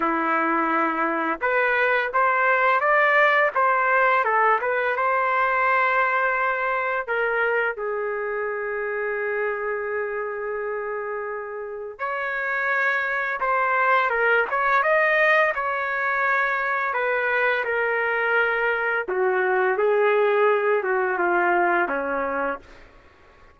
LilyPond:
\new Staff \with { instrumentName = "trumpet" } { \time 4/4 \tempo 4 = 85 e'2 b'4 c''4 | d''4 c''4 a'8 b'8 c''4~ | c''2 ais'4 gis'4~ | gis'1~ |
gis'4 cis''2 c''4 | ais'8 cis''8 dis''4 cis''2 | b'4 ais'2 fis'4 | gis'4. fis'8 f'4 cis'4 | }